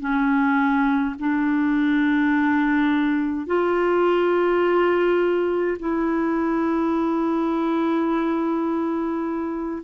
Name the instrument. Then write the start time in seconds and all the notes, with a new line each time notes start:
clarinet
0.00 C#4
1.20 D4
3.47 F4
5.80 E4